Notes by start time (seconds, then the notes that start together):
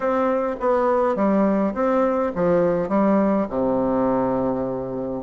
0.00 C4
0.60 B3
1.15 G3
1.73 C4
2.35 F3
2.88 G3
3.49 C3